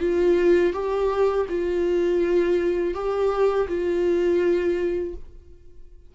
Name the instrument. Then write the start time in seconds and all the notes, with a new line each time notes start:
viola
0.00 F4
0.73 G4
1.49 F4
2.94 G4
3.68 F4